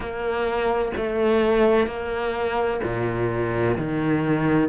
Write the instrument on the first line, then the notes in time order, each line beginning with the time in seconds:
cello
0.00 A#3
0.96 A3
1.86 A#3
2.83 A#2
3.77 D#3